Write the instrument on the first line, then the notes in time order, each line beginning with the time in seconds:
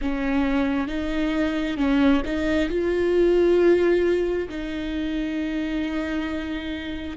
viola
0.01 C#4
0.87 D#4
1.77 C#4
2.25 D#4
2.69 F4
4.48 D#4